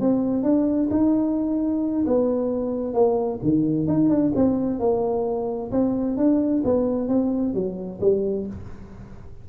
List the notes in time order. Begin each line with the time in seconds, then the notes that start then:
0.00 C4
0.43 D4
0.90 D#4
2.06 B3
2.93 A#3
3.42 D#3
3.87 D#4
4.09 D4
4.35 C4
4.79 A#3
5.71 C4
6.16 D4
6.64 B3
7.08 C4
7.53 F#3
8.00 G3